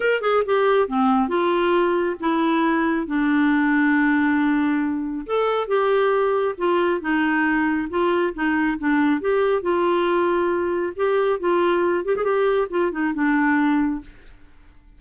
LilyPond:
\new Staff \with { instrumentName = "clarinet" } { \time 4/4 \tempo 4 = 137 ais'8 gis'8 g'4 c'4 f'4~ | f'4 e'2 d'4~ | d'1 | a'4 g'2 f'4 |
dis'2 f'4 dis'4 | d'4 g'4 f'2~ | f'4 g'4 f'4. g'16 gis'16 | g'4 f'8 dis'8 d'2 | }